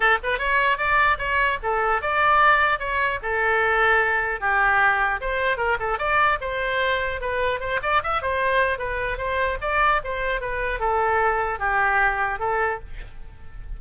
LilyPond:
\new Staff \with { instrumentName = "oboe" } { \time 4/4 \tempo 4 = 150 a'8 b'8 cis''4 d''4 cis''4 | a'4 d''2 cis''4 | a'2. g'4~ | g'4 c''4 ais'8 a'8 d''4 |
c''2 b'4 c''8 d''8 | e''8 c''4. b'4 c''4 | d''4 c''4 b'4 a'4~ | a'4 g'2 a'4 | }